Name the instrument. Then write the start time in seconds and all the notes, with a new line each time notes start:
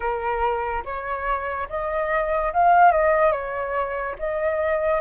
flute
0.00 A#4
0.84 C#5
1.69 D#5
2.53 F5
2.91 D#5
3.32 C#5
4.19 D#5